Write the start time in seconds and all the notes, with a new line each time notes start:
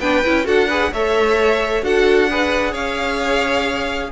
0.00 B3 D4 B4 G5
0.25 C#4 E4
0.44 D4 F#4 A4 F#5
0.68 G#4 B4
0.92 A3 A4 C#5 E5
1.82 D4 F#4 A4 F#5
2.30 G#4 B4
2.72 C#4 C#5 F5